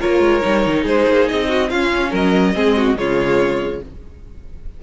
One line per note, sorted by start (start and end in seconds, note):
0.00 0.20 A#3
0.00 0.42 F4
0.00 0.83 A#4
0.00 0.86 C#5
0.20 0.41 G#3
0.42 0.66 G3
0.42 1.68 D#4
0.67 0.86 D#3
0.83 1.07 G#3
0.83 1.46 G#4
0.83 1.29 C5
1.07 1.29 A#3
1.29 1.71 C4
1.29 1.70 D#5
1.48 1.69 F#4
1.70 2.12 C#4
1.70 2.55 C#4
1.70 2.10 F4
1.70 2.12 F5
2.10 2.55 F#3
2.10 2.53 A#4
2.10 2.97 D#5
2.55 2.96 G#3
2.55 2.96 C4
2.55 2.77 G#4
2.77 2.98 F#4
2.96 3.80 C#3
2.96 3.80 G#3
2.96 3.83 F4
2.96 3.82 C#5